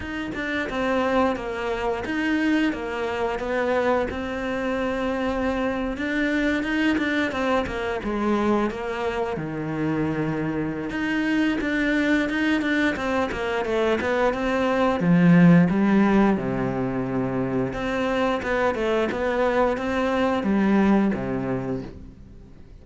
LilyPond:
\new Staff \with { instrumentName = "cello" } { \time 4/4 \tempo 4 = 88 dis'8 d'8 c'4 ais4 dis'4 | ais4 b4 c'2~ | c'8. d'4 dis'8 d'8 c'8 ais8 gis16~ | gis8. ais4 dis2~ dis16 |
dis'4 d'4 dis'8 d'8 c'8 ais8 | a8 b8 c'4 f4 g4 | c2 c'4 b8 a8 | b4 c'4 g4 c4 | }